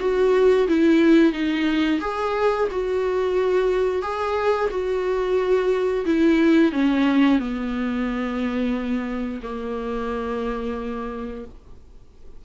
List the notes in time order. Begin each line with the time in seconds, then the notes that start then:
0.00 F#4
0.68 E4
1.33 D#4
2.01 G#4
2.71 F#4
4.02 G#4
4.70 F#4
6.06 E4
6.72 C#4
7.39 B3
9.43 A#3